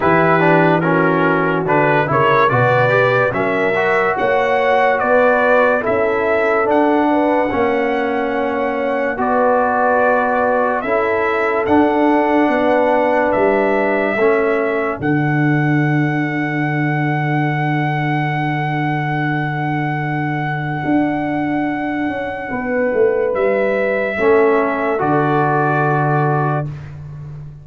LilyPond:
<<
  \new Staff \with { instrumentName = "trumpet" } { \time 4/4 \tempo 4 = 72 b'4 ais'4 b'8 cis''8 d''4 | e''4 fis''4 d''4 e''4 | fis''2. d''4~ | d''4 e''4 fis''2 |
e''2 fis''2~ | fis''1~ | fis''1 | e''2 d''2 | }
  \new Staff \with { instrumentName = "horn" } { \time 4/4 g'4 fis'4. ais'8 b'4 | ais'4 cis''4 b'4 a'4~ | a'8 b'8 cis''2 b'4~ | b'4 a'2 b'4~ |
b'4 a'2.~ | a'1~ | a'2. b'4~ | b'4 a'2. | }
  \new Staff \with { instrumentName = "trombone" } { \time 4/4 e'8 d'8 cis'4 d'8 e'8 fis'8 g'8 | cis'8 fis'2~ fis'8 e'4 | d'4 cis'2 fis'4~ | fis'4 e'4 d'2~ |
d'4 cis'4 d'2~ | d'1~ | d'1~ | d'4 cis'4 fis'2 | }
  \new Staff \with { instrumentName = "tuba" } { \time 4/4 e2 d8 cis8 b,4 | fis4 ais4 b4 cis'4 | d'4 ais2 b4~ | b4 cis'4 d'4 b4 |
g4 a4 d2~ | d1~ | d4 d'4. cis'8 b8 a8 | g4 a4 d2 | }
>>